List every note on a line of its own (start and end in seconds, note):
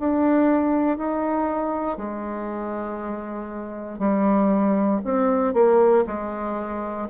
0.00 0.98 D4
0.98 1.98 D#4
1.98 3.99 G#3
3.99 5.01 G3
5.05 5.54 C4
5.54 6.05 A#3
6.07 7.09 G#3